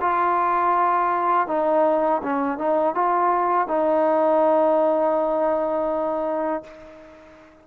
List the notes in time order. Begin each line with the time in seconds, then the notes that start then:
0.00 F4
1.47 D#4
2.23 C#4
2.58 D#4
2.94 F4
3.67 D#4